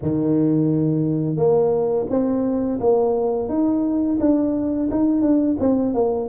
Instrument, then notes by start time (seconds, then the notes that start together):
tuba
0.02 D#3
1.36 A#3
2.09 C4
2.80 A#3
3.49 D#4
4.20 D4
4.90 D#4
5.21 D4
5.59 C4
5.94 A#3